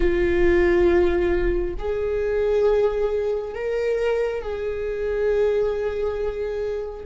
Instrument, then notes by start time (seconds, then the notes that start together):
viola
0.00 F4
1.78 G#4
3.54 A#4
4.42 G#4